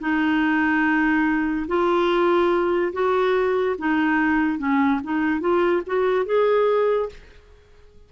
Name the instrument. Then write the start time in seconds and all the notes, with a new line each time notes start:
clarinet
0.00 D#4
1.67 F4
2.93 F#4
3.78 D#4
4.59 C#4
5.03 D#4
5.40 F4
5.86 F#4
6.26 G#4